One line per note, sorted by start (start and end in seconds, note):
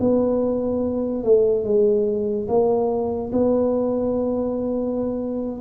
0.00 1.24 B3
1.24 1.64 A3
1.64 2.47 G#3
2.48 3.31 A#3
3.33 5.61 B3